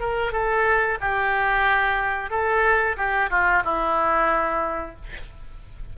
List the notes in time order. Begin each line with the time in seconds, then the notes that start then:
0.00 A#4
0.32 A4
1.01 G4
2.30 A4
2.97 G4
3.30 F4
3.64 E4